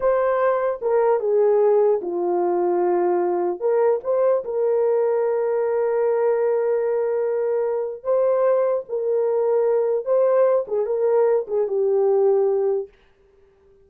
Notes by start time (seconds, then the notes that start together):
0.00 C5
0.81 A#4
1.20 G#4
2.01 F4
3.59 A#4
4.03 C5
4.44 A#4
8.03 C5
8.89 A#4
10.05 C5
10.67 G#4
10.86 A#4
11.47 G#4
11.67 G4